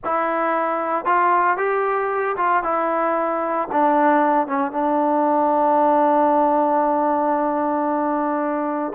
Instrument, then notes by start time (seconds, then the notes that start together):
trombone
0.04 E4
1.05 F4
1.57 G4
2.37 F4
2.63 E4
3.72 D4
4.47 C#4
4.71 D4